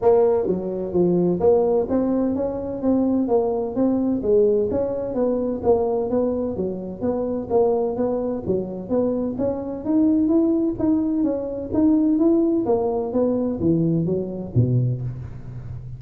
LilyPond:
\new Staff \with { instrumentName = "tuba" } { \time 4/4 \tempo 4 = 128 ais4 fis4 f4 ais4 | c'4 cis'4 c'4 ais4 | c'4 gis4 cis'4 b4 | ais4 b4 fis4 b4 |
ais4 b4 fis4 b4 | cis'4 dis'4 e'4 dis'4 | cis'4 dis'4 e'4 ais4 | b4 e4 fis4 b,4 | }